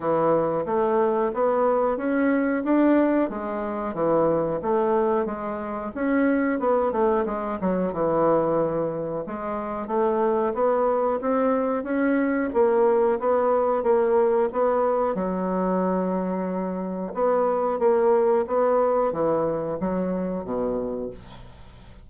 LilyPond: \new Staff \with { instrumentName = "bassoon" } { \time 4/4 \tempo 4 = 91 e4 a4 b4 cis'4 | d'4 gis4 e4 a4 | gis4 cis'4 b8 a8 gis8 fis8 | e2 gis4 a4 |
b4 c'4 cis'4 ais4 | b4 ais4 b4 fis4~ | fis2 b4 ais4 | b4 e4 fis4 b,4 | }